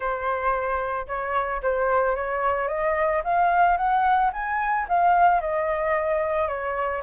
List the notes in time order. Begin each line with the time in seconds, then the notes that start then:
0.00 C5
1.07 C#5
1.62 C5
2.15 C#5
2.68 D#5
3.24 F5
3.77 F#5
4.32 G#5
4.88 F5
5.40 D#5
6.48 C#5